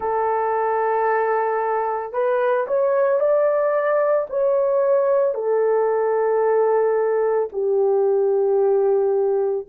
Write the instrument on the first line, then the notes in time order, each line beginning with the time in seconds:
horn
0.00 A4
2.12 B4
2.67 C#5
3.19 D5
4.29 C#5
5.34 A4
7.52 G4